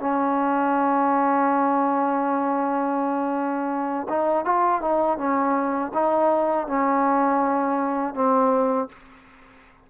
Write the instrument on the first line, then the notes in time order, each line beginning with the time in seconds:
trombone
0.00 C#4
4.09 D#4
4.45 F4
4.82 D#4
5.18 C#4
5.94 D#4
6.67 C#4
8.15 C4